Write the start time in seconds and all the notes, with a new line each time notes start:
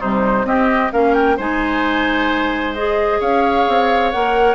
0.00 C3 G3 D#4 C5
0.45 C4 G4 D#5
0.92 A#3 C#4 A#4 F5
1.14 G5
1.37 G#3 D#4 C5 G#5
2.74 G#4 D#5
3.20 C#4 C#5 F5
3.68 C4
4.11 A#3 A#4 F#5